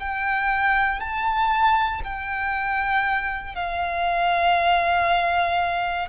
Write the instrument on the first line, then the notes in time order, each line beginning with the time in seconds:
violin
0.00 G5
1.00 A5
2.04 G5
3.55 F5